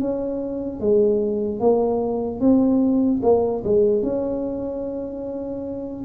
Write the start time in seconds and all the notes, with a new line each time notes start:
0.00 C#4
0.80 G#3
1.60 A#3
2.40 C4
3.23 A#3
3.64 G#3
4.03 C#4